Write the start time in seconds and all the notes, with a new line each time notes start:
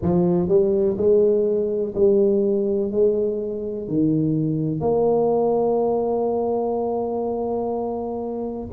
0.02 F3
0.48 G3
0.97 G#3
1.94 G3
2.91 G#3
3.88 D#3
4.80 A#3